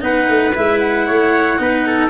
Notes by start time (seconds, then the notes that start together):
0.00 B3 D#4 B4 F#5
0.29 A3
0.54 G#3 E4 E5
0.79 F#5
1.06 A3 C#5
1.58 B3 D#4 B4
1.86 A4